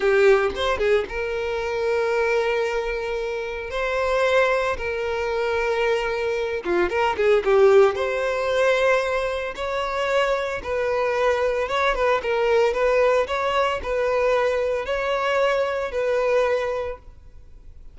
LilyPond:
\new Staff \with { instrumentName = "violin" } { \time 4/4 \tempo 4 = 113 g'4 c''8 gis'8 ais'2~ | ais'2. c''4~ | c''4 ais'2.~ | ais'8 f'8 ais'8 gis'8 g'4 c''4~ |
c''2 cis''2 | b'2 cis''8 b'8 ais'4 | b'4 cis''4 b'2 | cis''2 b'2 | }